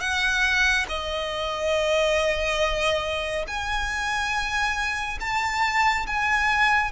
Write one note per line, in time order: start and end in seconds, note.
0.00 0.86 F#5
0.88 3.46 D#5
3.47 5.19 G#5
5.21 6.06 A5
6.06 6.92 G#5